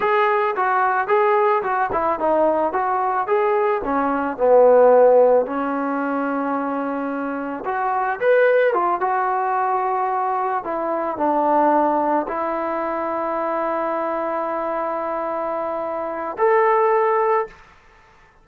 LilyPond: \new Staff \with { instrumentName = "trombone" } { \time 4/4 \tempo 4 = 110 gis'4 fis'4 gis'4 fis'8 e'8 | dis'4 fis'4 gis'4 cis'4 | b2 cis'2~ | cis'2 fis'4 b'4 |
f'8 fis'2. e'8~ | e'8 d'2 e'4.~ | e'1~ | e'2 a'2 | }